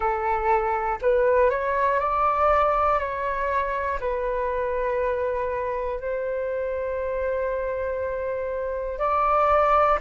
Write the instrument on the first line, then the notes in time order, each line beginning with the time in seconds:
flute
0.00 A4
1.01 B4
1.50 C#5
1.99 D5
2.99 C#5
4.00 B4
6.00 C5
8.99 D5